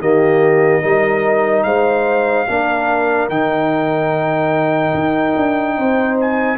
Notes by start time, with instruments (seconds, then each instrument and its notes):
0.00 tuba D#3, trombone A#3, horn G4, trumpet D#5
0.82 tuba G3, trombone D#4, horn A#4
1.64 tuba G#3, horn C5, trumpet F5
2.48 tuba A#3, trombone D4, horn A#4
3.29 tuba D#3, trombone D#4, trumpet G5
4.94 tuba D#4
5.37 tuba D4
5.78 tuba C4, horn C5
6.21 trumpet G#5